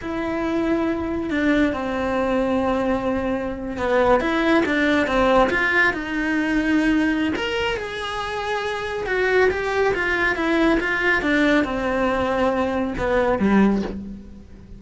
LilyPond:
\new Staff \with { instrumentName = "cello" } { \time 4/4 \tempo 4 = 139 e'2. d'4 | c'1~ | c'8. b4 e'4 d'4 c'16~ | c'8. f'4 dis'2~ dis'16~ |
dis'4 ais'4 gis'2~ | gis'4 fis'4 g'4 f'4 | e'4 f'4 d'4 c'4~ | c'2 b4 g4 | }